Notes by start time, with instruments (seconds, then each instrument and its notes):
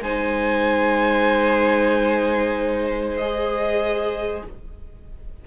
0.00 cello G#3, viola D#4, violin C5 G#5
3.17 viola G#4, violin D#5